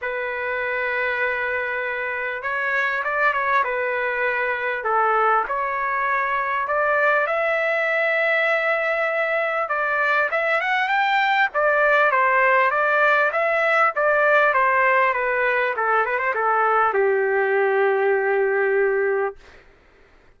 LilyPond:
\new Staff \with { instrumentName = "trumpet" } { \time 4/4 \tempo 4 = 99 b'1 | cis''4 d''8 cis''8 b'2 | a'4 cis''2 d''4 | e''1 |
d''4 e''8 fis''8 g''4 d''4 | c''4 d''4 e''4 d''4 | c''4 b'4 a'8 b'16 c''16 a'4 | g'1 | }